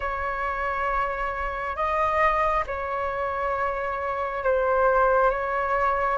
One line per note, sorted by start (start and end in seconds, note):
0.00 1.76 C#5
1.76 2.64 D#5
2.67 4.43 C#5
4.44 5.30 C5
5.30 6.17 C#5